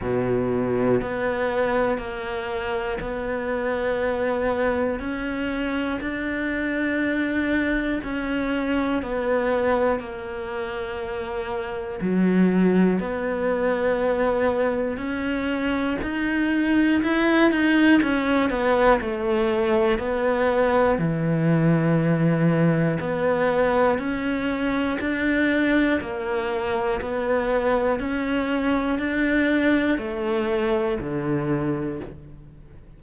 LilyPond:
\new Staff \with { instrumentName = "cello" } { \time 4/4 \tempo 4 = 60 b,4 b4 ais4 b4~ | b4 cis'4 d'2 | cis'4 b4 ais2 | fis4 b2 cis'4 |
dis'4 e'8 dis'8 cis'8 b8 a4 | b4 e2 b4 | cis'4 d'4 ais4 b4 | cis'4 d'4 a4 d4 | }